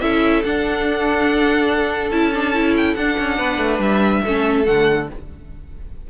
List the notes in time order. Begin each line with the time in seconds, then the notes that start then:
0.00 C#4 E4 A4 E5
0.44 D4 F#5
2.10 C#4 E4 A5
2.34 D4
2.54 E4
2.76 G5
2.94 D4 F#5
3.18 C#4
3.38 B3 B4
3.58 A3
3.78 G3 E5
4.24 A3 C#4 A4
4.65 D3 A3 F#5